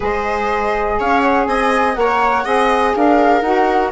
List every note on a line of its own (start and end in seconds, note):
0.00 1.00 G#3
0.00 1.94 G#4
0.00 0.97 C5
0.00 1.00 D#5
0.99 1.46 C#4
0.99 1.48 C#5
0.99 1.20 F5
1.20 1.45 F#5
1.46 1.95 C4
1.46 1.98 D#5
1.46 1.94 G#5
1.94 2.45 A#3
1.94 2.44 A#4
1.94 2.44 C#5
1.94 2.92 F#5
2.44 2.94 C4
2.44 3.42 G#4
2.44 2.93 D#5
2.95 3.41 D4
2.95 3.91 A#4
2.95 3.41 F5
3.41 3.90 D#4
3.41 3.91 F#4
3.41 3.90 F#5